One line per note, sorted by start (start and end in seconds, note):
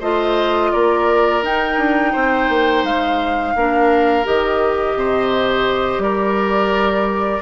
0.00 0.72 A3
0.00 1.43 F4
0.00 0.71 C5
0.00 0.72 D#5
0.72 1.43 A#3
0.72 2.12 A#4
0.72 1.43 D5
1.43 1.78 D#4
1.43 3.56 D#4
1.43 2.85 G5
1.78 2.14 D4
2.12 2.49 C4
2.12 3.54 C5
2.49 2.84 A#3
2.84 3.54 G#3
2.84 4.26 F5
3.55 4.26 A#3
3.55 4.24 D4
3.55 4.98 A#4
4.24 4.96 D#3
4.24 7.42 G4
4.24 6.02 D#5
4.96 5.99 C3
4.96 6.03 C5
5.99 7.40 G3
5.99 7.42 A#4
5.99 7.42 D5